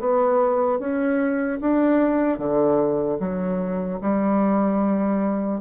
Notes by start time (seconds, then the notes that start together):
0.00 B3
0.79 C#4
1.61 D4
2.39 D3
3.20 F#3
4.01 G3